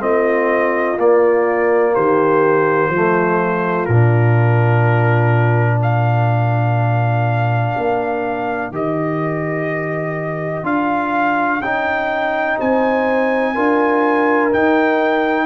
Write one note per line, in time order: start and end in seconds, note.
0.00 0.98 A3
0.00 0.97 C4
0.00 1.94 F4
0.00 0.99 D#5
0.98 1.95 A#3
0.98 2.93 A#3
0.98 1.95 D5
1.94 2.89 D#3
1.94 2.91 G4
1.94 3.86 C5
2.89 3.85 F3
2.89 3.90 A3
2.89 5.79 F4
3.86 7.75 A#2
3.86 8.72 D4
3.86 5.79 A#4
5.79 12.57 A#4
5.79 8.73 F5
7.77 8.71 A#3
8.71 10.64 D#3
8.71 10.64 G4
8.71 10.66 D#5
10.64 11.60 D4
10.64 11.60 F4
10.64 11.62 F5
11.60 12.57 C#4
11.60 13.55 D#4
11.60 12.59 G5
12.58 13.57 C4
12.58 13.55 C5
12.58 14.53 G#5
13.55 14.53 D4
13.55 14.52 F4
13.55 15.46 A#4
14.52 15.46 D#4
14.52 15.46 G5